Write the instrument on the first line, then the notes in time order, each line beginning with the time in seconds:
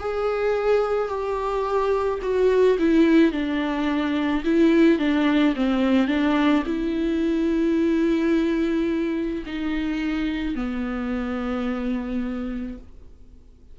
viola
0.00 G#4
1.09 G4
2.22 F#4
2.79 E4
3.32 D4
4.45 E4
4.99 D4
5.56 C4
6.08 D4
6.67 E4
9.46 D#4
10.56 B3